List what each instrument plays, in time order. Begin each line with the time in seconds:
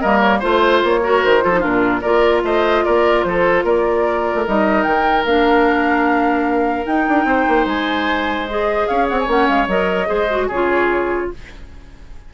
0.00 bassoon G3, clarinet A#3, oboe A#4, flute D#5
0.20 flute C#5
0.40 bassoon A3, clarinet F4, oboe C5, flute C5
0.84 bassoon A#3, flute C#5
1.03 clarinet F#4, oboe A#4
1.25 bassoon D#3, flute C5
1.42 bassoon F3, clarinet F4, oboe A4
1.53 clarinet D#4
1.60 bassoon A#2, clarinet D4, oboe F4, flute A#4
2.02 bassoon A#3, clarinet F4, oboe A#4, flute D5
2.44 bassoon A3, oboe C5, flute D#5
2.85 bassoon A#3, oboe A#4, flute D5
3.24 bassoon F3, oboe A4, flute C5
3.65 bassoon A#3, oboe A#4, flute D5
4.35 bassoon A3
4.47 bassoon G3, clarinet D#4, flute D#5
4.84 bassoon D#3, flute G5
5.25 bassoon A#3, clarinet D4, flute F5
6.86 clarinet D#4, bassoon D#4, flute G5
7.09 bassoon D4
7.25 bassoon C4, oboe C5
7.49 bassoon A#3
7.66 bassoon G#3, flute G#5
8.50 clarinet G#4, flute D#5
8.88 bassoon C#4, oboe C#5, flute F5
9.09 bassoon C4, flute F#5
9.20 flute G#5
9.28 bassoon A#3, clarinet C#4, flute F#5
9.49 bassoon G#3, flute F5
9.68 bassoon F#3, clarinet A#4, flute D#5
10.07 bassoon G#3, clarinet G#4, oboe C5
10.30 clarinet F#4
10.48 bassoon C#3, oboe G#4, flute C#5
10.54 clarinet F4